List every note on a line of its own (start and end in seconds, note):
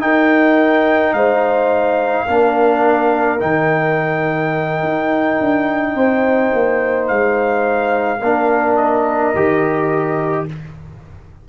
0.00 2.26 D#4
0.00 1.13 D#4
0.00 1.15 A#4
0.00 1.13 G5
1.13 2.26 G#3
1.13 2.27 C5
1.13 3.39 F5
2.27 3.41 A#3
2.27 3.38 D4
2.27 5.94 A#4
3.38 4.83 D#3
3.38 8.19 D#4
3.38 7.07 G5
4.83 5.39 D#4
5.40 5.94 D4
5.94 6.51 C4
5.94 8.19 C5
6.53 7.09 A#3
7.07 8.20 G#3
7.07 8.76 F5
8.19 9.33 A#3
8.19 9.35 D4
8.19 10.46 A#4
8.76 10.46 D#5
9.34 10.47 D#3
9.34 10.48 G4